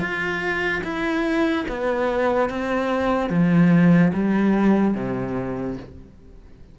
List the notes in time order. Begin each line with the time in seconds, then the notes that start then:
0.00 F4
0.84 E4
1.69 B3
2.50 C4
3.30 F3
4.13 G3
4.95 C3